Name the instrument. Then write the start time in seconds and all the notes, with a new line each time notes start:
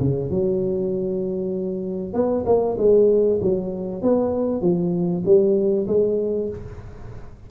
tuba
0.00 C#3
0.31 F#3
2.14 B3
2.46 A#3
2.78 G#3
3.42 F#3
4.03 B3
4.62 F3
5.26 G3
5.88 G#3